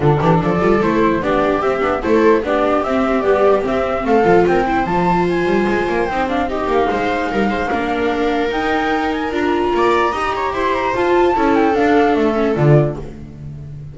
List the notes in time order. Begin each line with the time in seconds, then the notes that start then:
0.00 D3 D4 F4 A4
0.19 E3 G4
0.41 F3 A4 D5
0.59 G3 F4
0.80 A3 E4 C5
1.21 B3 D4 G4 D5
1.61 C4 E5
1.80 B3 D4
2.02 A3 E4 A4 C5
2.42 B3 D4 G4 D5
2.83 C4 E5
3.21 G3 B3 D5
3.61 C4 E5
4.04 A3 A4 F5
4.23 F3 F4
4.46 C4 A#4 G5
4.66 E4 C5
4.85 F3 F4 A5
5.29 G#5
5.45 G3
5.67 G#3
5.89 A#3
6.07 C4 D#4 G5
6.27 D4 F5
6.47 D#4 G4 D#5
6.66 A#3 F5
6.90 G#3 C5
7.31 G3 A#4
7.48 G#3 C5
7.69 A#3 D4 A#4
8.48 D#4 G5
9.10 G#5
9.31 D4 F4 A#5
9.73 A#3 D5
10.12 D#4 G4 D#5
10.35 C#5
10.52 E4 C5 C6
10.74 A#5
10.93 F4 A5
11.35 C#4 E4 A4
11.55 G5
11.73 D4 F5
12.15 A3 E5
12.34 C#4
12.55 D3 F4 D5